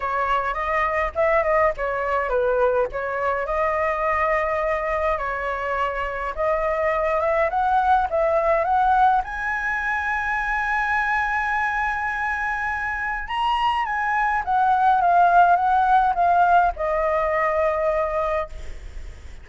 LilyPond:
\new Staff \with { instrumentName = "flute" } { \time 4/4 \tempo 4 = 104 cis''4 dis''4 e''8 dis''8 cis''4 | b'4 cis''4 dis''2~ | dis''4 cis''2 dis''4~ | dis''8 e''8 fis''4 e''4 fis''4 |
gis''1~ | gis''2. ais''4 | gis''4 fis''4 f''4 fis''4 | f''4 dis''2. | }